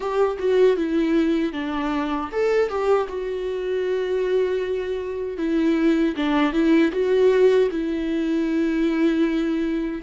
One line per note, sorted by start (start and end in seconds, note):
0.00 0.37 G4
0.38 0.77 F#4
0.77 1.52 E4
1.52 2.29 D4
2.32 2.69 A4
2.69 3.07 G4
3.08 5.37 F#4
5.37 6.14 E4
6.16 6.52 D4
6.52 6.91 E4
6.92 7.69 F#4
7.71 10.01 E4